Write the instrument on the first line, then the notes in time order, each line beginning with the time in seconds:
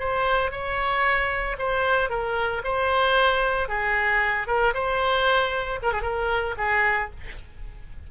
oboe
0.00 C5
0.52 C#5
1.59 C5
2.10 A#4
2.65 C5
3.69 G#4
4.48 A#4
4.74 C5
5.83 A#4
5.93 G#4
6.03 A#4
6.58 G#4